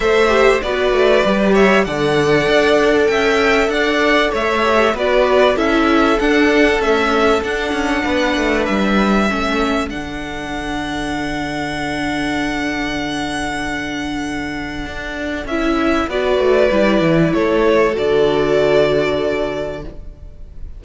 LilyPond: <<
  \new Staff \with { instrumentName = "violin" } { \time 4/4 \tempo 4 = 97 e''4 d''4. e''8 fis''4~ | fis''4 g''4 fis''4 e''4 | d''4 e''4 fis''4 e''4 | fis''2 e''2 |
fis''1~ | fis''1~ | fis''4 e''4 d''2 | cis''4 d''2. | }
  \new Staff \with { instrumentName = "violin" } { \time 4/4 c''4 b'4. cis''8 d''4~ | d''4 e''4 d''4 cis''4 | b'4 a'2.~ | a'4 b'2 a'4~ |
a'1~ | a'1~ | a'2 b'2 | a'1 | }
  \new Staff \with { instrumentName = "viola" } { \time 4/4 a'8 g'8 fis'4 g'4 a'4~ | a'2.~ a'8 g'8 | fis'4 e'4 d'4 a4 | d'2. cis'4 |
d'1~ | d'1~ | d'4 e'4 fis'4 e'4~ | e'4 fis'2. | }
  \new Staff \with { instrumentName = "cello" } { \time 4/4 a4 b8 a8 g4 d4 | d'4 cis'4 d'4 a4 | b4 cis'4 d'4 cis'4 | d'8 cis'8 b8 a8 g4 a4 |
d1~ | d1 | d'4 cis'4 b8 a8 g8 e8 | a4 d2. | }
>>